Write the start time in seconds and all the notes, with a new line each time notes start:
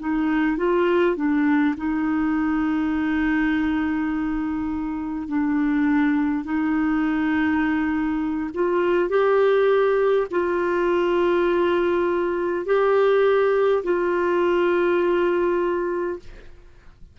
0.00 D#4
0.58 F4
1.17 D4
1.77 D#4
5.29 D4
6.45 D#4
8.55 F4
9.10 G4
10.32 F4
12.66 G4
13.84 F4